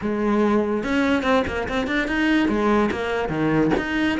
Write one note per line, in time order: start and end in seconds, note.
0.01 0.83 G#3
0.83 1.23 C#4
1.23 1.43 C4
1.47 1.67 A#3
1.68 1.87 C4
1.87 2.07 D4
2.07 2.48 D#4
2.48 2.90 G#3
2.91 3.29 A#3
3.29 3.70 D#3
3.77 4.18 D#4